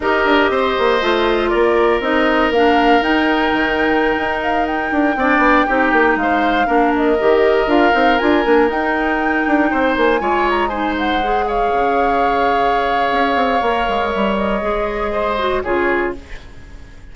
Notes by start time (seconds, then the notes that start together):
0.00 D#4 G4 A#4 D#5
0.25 D4
0.50 C4 C5
0.78 A#3
1.01 A3 F4
1.49 A#3 A#4 D5
2.00 C4 D#4 D#5
2.50 A#3 D4 F5
3.01 D#4 G5
3.52 D#3
4.17 D#4
4.41 F5
4.66 G5
4.91 D4
5.16 C4 D4 D5
5.37 B3
5.66 C4 D#4 G4
5.92 A#3
6.16 G#3 F5
6.22 C5
6.66 A#3 D4 A#4
6.96 D#5
7.19 D#3 G4
7.66 D4 F4 F5
7.92 C4 D#4
8.18 D4 F4 G#5
8.44 A#3 D4
8.67 D#4 G5
9.46 D4
9.71 C4 C5
9.96 A#3 G#5
10.19 G#3 F4 C#5
10.49 A#5
10.68 D#4 C5 G#5
10.98 F#5
11.23 G#4
11.47 C#5 F5
11.72 C#3
13.11 C#4
13.35 C4
13.61 A#3 A#4
13.88 G#3
14.10 G3 E5
14.36 D#5
14.61 G#3 G#4
15.12 C5
15.38 F#4
15.62 C#3 F4 G#4 C#5